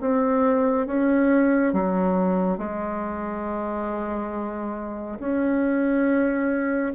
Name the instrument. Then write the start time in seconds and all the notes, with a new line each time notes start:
bassoon
0.00 C4
0.86 C#4
1.72 F#3
2.57 G#3
5.19 C#4